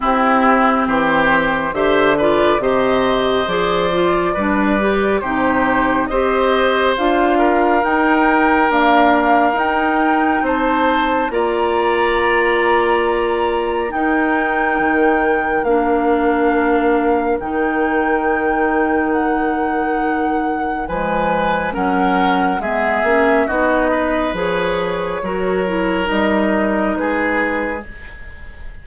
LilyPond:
<<
  \new Staff \with { instrumentName = "flute" } { \time 4/4 \tempo 4 = 69 g'4 c''4 e''8 d''8 dis''4 | d''2 c''4 dis''4 | f''4 g''4 f''4 g''4 | a''4 ais''2. |
g''2 f''2 | g''2 fis''2 | gis''4 fis''4 e''4 dis''4 | cis''2 dis''4 b'4 | }
  \new Staff \with { instrumentName = "oboe" } { \time 4/4 e'4 g'4 c''8 b'8 c''4~ | c''4 b'4 g'4 c''4~ | c''8 ais'2.~ ais'8 | c''4 d''2. |
ais'1~ | ais'1 | b'4 ais'4 gis'4 fis'8 b'8~ | b'4 ais'2 gis'4 | }
  \new Staff \with { instrumentName = "clarinet" } { \time 4/4 c'2 g'8 f'8 g'4 | gis'8 f'8 d'8 g'8 dis'4 g'4 | f'4 dis'4 ais4 dis'4~ | dis'4 f'2. |
dis'2 d'2 | dis'1 | gis4 cis'4 b8 cis'8 dis'4 | gis'4 fis'8 e'8 dis'2 | }
  \new Staff \with { instrumentName = "bassoon" } { \time 4/4 c'4 e4 d4 c4 | f4 g4 c4 c'4 | d'4 dis'4 d'4 dis'4 | c'4 ais2. |
dis'4 dis4 ais2 | dis1 | f4 fis4 gis8 ais8 b4 | f4 fis4 g4 gis4 | }
>>